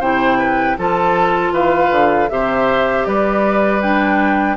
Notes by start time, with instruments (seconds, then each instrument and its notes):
0.00 bassoon C3, clarinet E4, oboe C5, flute G5
0.39 oboe B4
0.77 bassoon F3, clarinet F4, oboe A4, flute A5
1.52 bassoon E3, oboe B4, flute F5
1.91 bassoon D3
2.29 bassoon C3, clarinet G4, oboe C5, flute E5
3.05 bassoon G3, oboe B4, flute D5
3.82 clarinet D4, flute G5